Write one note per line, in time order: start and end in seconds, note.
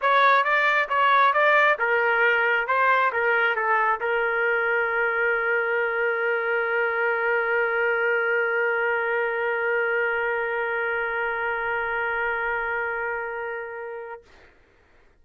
0.01 0.43 C#5
0.43 0.88 D5
0.88 1.33 C#5
1.33 1.77 D5
1.78 2.67 A#4
2.67 3.11 C5
3.12 3.55 A#4
3.55 4.00 A4
4.00 14.22 A#4